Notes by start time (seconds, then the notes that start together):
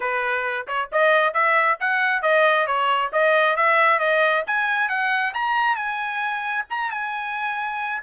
0.00 B4
0.67 C#5
0.92 D#5
1.33 E5
1.80 F#5
2.22 D#5
2.66 C#5
3.12 D#5
3.56 E5
3.99 D#5
4.46 G#5
4.88 F#5
5.34 A#5
5.76 G#5
6.70 A#5
6.91 G#5